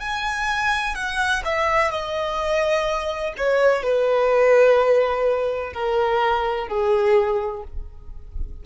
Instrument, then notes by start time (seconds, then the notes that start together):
violin
0.00 G#5
0.95 F#5
1.45 E5
1.90 D#5
3.37 C#5
3.83 B4
5.74 A#4
6.68 G#4